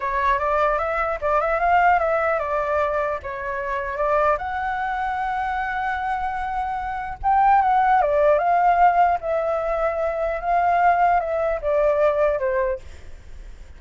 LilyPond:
\new Staff \with { instrumentName = "flute" } { \time 4/4 \tempo 4 = 150 cis''4 d''4 e''4 d''8 e''8 | f''4 e''4 d''2 | cis''2 d''4 fis''4~ | fis''1~ |
fis''2 g''4 fis''4 | d''4 f''2 e''4~ | e''2 f''2 | e''4 d''2 c''4 | }